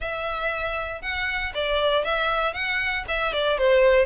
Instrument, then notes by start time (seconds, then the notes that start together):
violin
0.00 E5
1.01 F#5
1.54 D5
2.04 E5
2.53 F#5
3.07 E5
3.32 D5
3.57 C5